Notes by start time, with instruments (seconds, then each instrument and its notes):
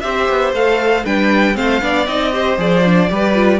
0.00 cello C4, viola G4, violin C5 E5
0.29 cello B3
0.52 cello A3, viola A4, violin F5
1.04 cello G3, viola D4, violin B4 G5
1.54 cello A3, viola C4, violin C5 F5
1.81 cello B3, viola D4, violin D5
2.06 cello C4, viola D#4, violin D#5
2.32 viola G4, violin C5
2.57 cello F3, viola G#4, violin D5
2.85 viola D4
3.09 cello G3, viola G4, violin B4
3.34 viola F4